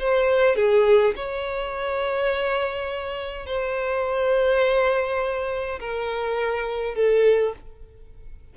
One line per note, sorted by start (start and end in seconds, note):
0.00 0.56 C5
0.56 1.15 G#4
1.16 3.47 C#5
3.47 5.80 C5
5.80 6.96 A#4
6.96 7.54 A4